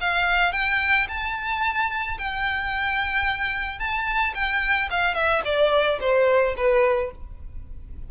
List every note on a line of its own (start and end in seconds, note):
0.00 0.52 F5
0.52 1.07 G5
1.08 2.17 A5
2.18 3.79 G5
3.79 4.33 A5
4.34 4.89 G5
4.90 5.14 F5
5.14 5.41 E5
5.44 5.99 D5
6.00 6.55 C5
6.56 7.11 B4